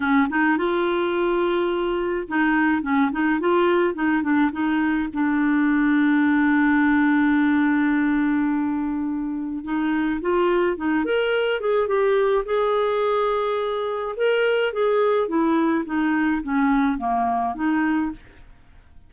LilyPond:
\new Staff \with { instrumentName = "clarinet" } { \time 4/4 \tempo 4 = 106 cis'8 dis'8 f'2. | dis'4 cis'8 dis'8 f'4 dis'8 d'8 | dis'4 d'2.~ | d'1~ |
d'4 dis'4 f'4 dis'8 ais'8~ | ais'8 gis'8 g'4 gis'2~ | gis'4 ais'4 gis'4 e'4 | dis'4 cis'4 ais4 dis'4 | }